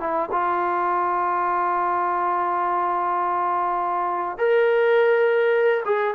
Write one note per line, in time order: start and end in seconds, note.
0.00 0.29 E4
0.32 4.38 F4
4.38 5.84 A#4
5.85 6.14 G#4